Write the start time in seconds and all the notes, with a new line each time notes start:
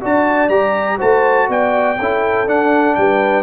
0.00 D4 F#4 D5 A5
0.48 G3 G4 A#5
0.98 A3 F#4 C5 A5
1.48 B3 D5 G5
1.98 C#4 E4 A4
2.46 D4 F#5
2.95 G3 B4 G5